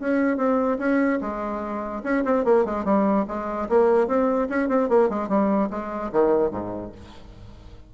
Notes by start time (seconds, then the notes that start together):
0.00 C#4
0.37 C4
0.79 C#4
1.21 G#3
2.04 C#4
2.25 C4
2.45 A#3
2.65 G#3
2.85 G3
3.28 G#3
3.69 A#3
4.08 C4
4.49 C#4
4.69 C4
4.89 A#3
5.10 G#3
5.29 G3
5.71 G#3
6.12 D#3
6.51 G#2